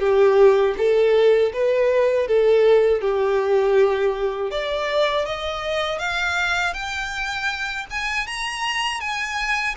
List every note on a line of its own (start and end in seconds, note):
0.00 0.75 G4
0.78 1.53 A4
1.53 2.28 B4
2.28 3.01 A4
3.01 4.51 G4
4.51 5.26 D5
5.26 5.99 D#5
5.99 6.74 F5
6.74 7.86 G5
7.91 8.27 G#5
8.27 9.01 A#5
9.01 9.76 G#5